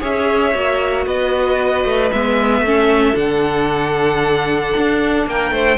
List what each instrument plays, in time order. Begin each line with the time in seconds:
0.00 cello C#4, viola G#4, violin C#5 E5
0.54 cello A#3, viola F#4
1.07 cello B3, violin B4 D#5
1.85 cello A3
2.12 cello G#3, viola B3, violin E5
2.61 cello A3, viola C#4, violin A4
3.14 cello D3, viola D4, violin F#5
4.78 cello D4
5.27 cello A#3, violin A#4 G5
5.52 cello A3, violin C5